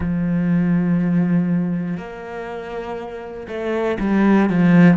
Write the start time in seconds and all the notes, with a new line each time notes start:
0.00 F3
1.97 A#3
3.47 A3
4.00 G3
4.50 F3